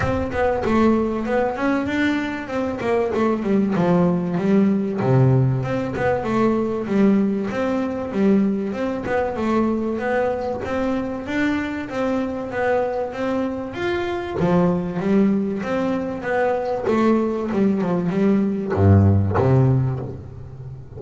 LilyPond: \new Staff \with { instrumentName = "double bass" } { \time 4/4 \tempo 4 = 96 c'8 b8 a4 b8 cis'8 d'4 | c'8 ais8 a8 g8 f4 g4 | c4 c'8 b8 a4 g4 | c'4 g4 c'8 b8 a4 |
b4 c'4 d'4 c'4 | b4 c'4 f'4 f4 | g4 c'4 b4 a4 | g8 f8 g4 g,4 c4 | }